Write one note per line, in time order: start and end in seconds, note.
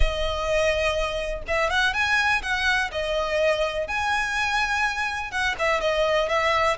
0.00 1.42 D#5
1.47 1.70 E5
1.70 1.93 F#5
1.93 2.42 G#5
2.42 2.90 F#5
2.91 3.87 D#5
3.87 5.31 G#5
5.31 5.55 F#5
5.58 5.80 E5
5.80 6.28 D#5
6.28 6.77 E5